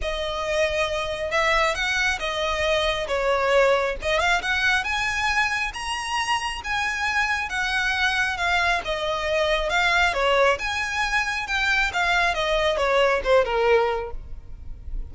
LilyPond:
\new Staff \with { instrumentName = "violin" } { \time 4/4 \tempo 4 = 136 dis''2. e''4 | fis''4 dis''2 cis''4~ | cis''4 dis''8 f''8 fis''4 gis''4~ | gis''4 ais''2 gis''4~ |
gis''4 fis''2 f''4 | dis''2 f''4 cis''4 | gis''2 g''4 f''4 | dis''4 cis''4 c''8 ais'4. | }